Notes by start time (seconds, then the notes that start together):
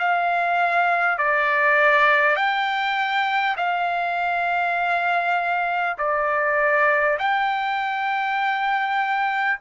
0.00 F5
1.19 D5
2.37 G5
3.57 F5
5.98 D5
7.19 G5